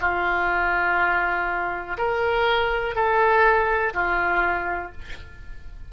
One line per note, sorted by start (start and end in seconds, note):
0.00 1.97 F4
1.98 2.95 A#4
2.95 3.93 A4
3.93 4.92 F4